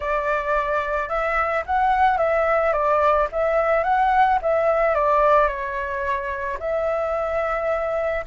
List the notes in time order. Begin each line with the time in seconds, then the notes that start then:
0.00 D5
1.08 E5
1.66 F#5
2.17 E5
2.72 D5
3.32 E5
3.83 F#5
4.42 E5
4.94 D5
5.47 C#5
6.59 E5